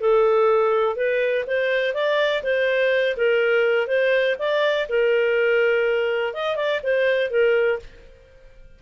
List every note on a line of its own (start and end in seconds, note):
0.00 0.96 A4
0.96 1.45 B4
1.46 1.94 C5
1.94 2.42 D5
2.43 3.16 C5
3.17 3.87 A#4
3.87 4.35 C5
4.39 4.87 D5
4.88 6.33 A#4
6.33 6.55 D#5
6.55 6.80 D5
6.83 7.30 C5
7.30 7.79 A#4